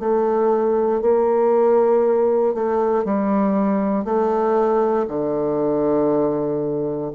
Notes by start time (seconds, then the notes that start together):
0.00 A3
1.02 A#3
2.54 A3
3.05 G3
4.05 A3
5.08 D3